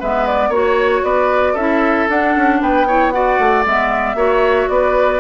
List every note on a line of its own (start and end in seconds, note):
0.00 0.49 G#3
0.00 0.53 B3
0.00 0.49 B4
0.00 0.26 E5
0.26 0.52 D5
0.49 1.01 A#3
0.49 1.57 F#4
0.49 1.01 C#5
0.49 1.04 C#5
1.03 1.55 B3
1.03 1.53 B4
1.03 1.56 D5
1.53 2.07 C#4
1.53 2.10 E4
1.53 2.58 A4
1.53 2.08 E5
2.09 2.35 D4
2.09 2.88 D4
2.09 2.62 F#5
2.36 2.61 C#4
2.61 3.39 B3
2.61 2.87 B4
2.61 3.11 G5
2.87 3.12 E4
2.87 3.13 C#5
3.11 3.64 F#4
3.11 4.16 D5
3.11 3.63 F#5
3.39 3.65 A3
3.66 4.15 G#3
3.66 4.16 B3
3.66 4.69 E5
4.15 4.67 A#3
4.15 5.20 F#4
4.15 4.68 C#5
4.68 5.20 B3
4.68 5.20 B4
4.68 5.20 D5